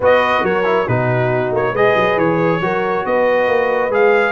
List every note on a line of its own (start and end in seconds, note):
0.00 0.42 B3
0.00 0.63 F#4
0.00 0.43 B4
0.00 0.45 D#5
0.42 0.86 F#3
0.42 0.87 A#4
0.42 0.88 C#5
0.63 0.85 E4
0.87 1.51 B2
0.87 1.75 D#4
0.87 1.72 F#4
0.87 1.53 B4
1.51 1.72 A#3
1.51 1.75 C#5
1.72 1.94 G#3
1.72 2.61 G#4
1.72 2.59 B4
1.72 2.18 D#5
1.95 2.16 F#3
2.16 2.60 E3
2.16 3.05 C#5
2.60 3.04 F#3
2.60 3.90 F#4
2.60 3.06 A#4
3.05 3.47 B3
3.05 4.31 B4
3.05 3.93 D#5
3.47 3.89 A#3
3.89 4.31 G#3
3.89 4.31 G#4
3.89 4.31 F5